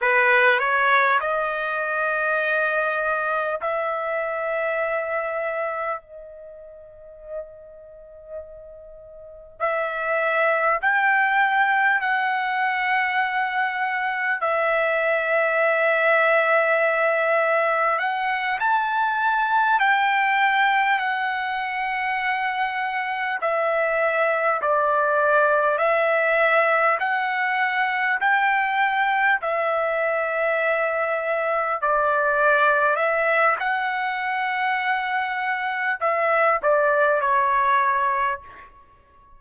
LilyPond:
\new Staff \with { instrumentName = "trumpet" } { \time 4/4 \tempo 4 = 50 b'8 cis''8 dis''2 e''4~ | e''4 dis''2. | e''4 g''4 fis''2 | e''2. fis''8 a''8~ |
a''8 g''4 fis''2 e''8~ | e''8 d''4 e''4 fis''4 g''8~ | g''8 e''2 d''4 e''8 | fis''2 e''8 d''8 cis''4 | }